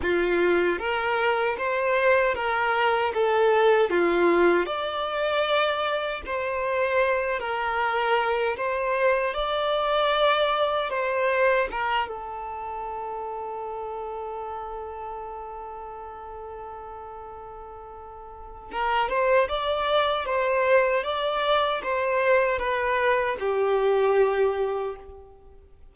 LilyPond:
\new Staff \with { instrumentName = "violin" } { \time 4/4 \tempo 4 = 77 f'4 ais'4 c''4 ais'4 | a'4 f'4 d''2 | c''4. ais'4. c''4 | d''2 c''4 ais'8 a'8~ |
a'1~ | a'1 | ais'8 c''8 d''4 c''4 d''4 | c''4 b'4 g'2 | }